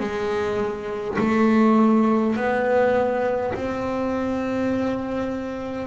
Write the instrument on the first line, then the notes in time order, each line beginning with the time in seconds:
double bass
0.00 G#3
1.19 A3
2.36 B3
3.54 C4